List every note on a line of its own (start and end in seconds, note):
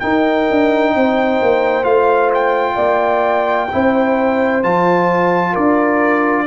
0.00 1.84 D#4
0.00 0.50 D#4
0.00 0.94 A#4
0.00 1.84 G5
0.50 0.95 D4
0.95 1.42 C4
0.95 2.76 C5
1.42 1.83 A#3
1.83 2.76 A3
1.83 3.68 F4
1.83 2.31 F5
2.34 4.63 G5
2.76 3.69 A#3
2.76 3.68 D5
3.72 4.63 C4
3.72 4.63 E4
3.72 5.53 C5
4.63 5.56 F3
4.63 6.47 F4
4.63 5.55 A5
5.53 6.47 D4
5.53 6.45 A#4
5.53 6.47 D5